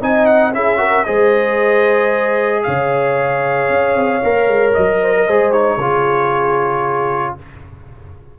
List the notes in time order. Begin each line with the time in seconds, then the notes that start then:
0.00 C4 D#4 D#5 G#5
0.26 F#5
0.53 C#4 E4 G#4 E5
0.77 F#4 A#4
1.04 G#3 G#4 C5 D#5
2.63 C#3 C#5 F5
3.69 C#4
3.95 C4
4.23 A#3 A#4
4.47 G#3
4.74 F#3 D#5
5.01 C5
5.16 A#4
5.26 G#3 G#4 C5
5.52 D#4 C#5
5.77 C#3 F4 G#4